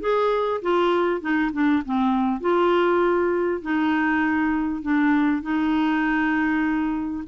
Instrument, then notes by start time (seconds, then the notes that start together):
clarinet
0.00 G#4
0.62 F4
1.21 D#4
1.52 D4
1.85 C4
2.40 F4
3.62 D#4
4.82 D4
5.42 D#4